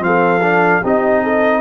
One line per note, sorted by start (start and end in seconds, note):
0.00 0.81 F3
0.00 0.41 C4
0.00 0.83 A4
0.00 0.85 F5
0.42 0.83 D4
0.83 1.61 C4
0.83 1.61 D#4
0.83 1.23 G4
0.83 1.61 D#5
1.23 1.61 A4